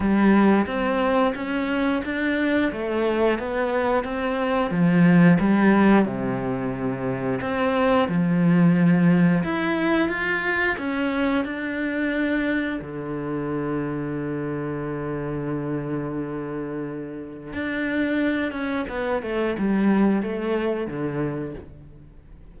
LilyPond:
\new Staff \with { instrumentName = "cello" } { \time 4/4 \tempo 4 = 89 g4 c'4 cis'4 d'4 | a4 b4 c'4 f4 | g4 c2 c'4 | f2 e'4 f'4 |
cis'4 d'2 d4~ | d1~ | d2 d'4. cis'8 | b8 a8 g4 a4 d4 | }